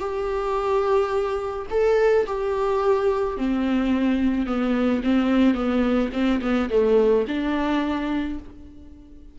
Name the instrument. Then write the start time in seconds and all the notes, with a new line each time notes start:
viola
0.00 G4
1.71 A4
2.27 G4
3.38 C4
4.47 B3
5.04 C4
5.55 B3
6.13 C4
6.42 B3
6.70 A3
7.28 D4